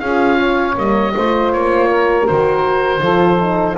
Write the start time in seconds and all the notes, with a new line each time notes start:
0.00 C#4 F4 G#4 F5
0.38 C#5
0.75 G3 A#3 D#5
1.16 A3 F4 C5
1.52 A#3 C#5
1.89 A#4
2.26 D#3 F#4 C5
3.00 F3 F4 A4
3.38 D#4